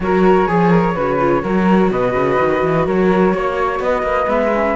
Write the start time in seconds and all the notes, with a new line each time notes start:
0.00 F#3 F#4 A#4 C#5
0.47 F3 G#4
0.70 A#4
0.94 C#3 F#4 B4
1.19 F4
1.42 F#3 F#4 A#4
1.90 B2 B4 D#5
2.13 C#3
2.39 D#3
2.62 E3
2.86 F#3 A#4 C#5
3.33 A#3 C#5
3.79 B3 B4 D#5
4.02 A#3
4.27 G#3 B3 E5
4.54 C#4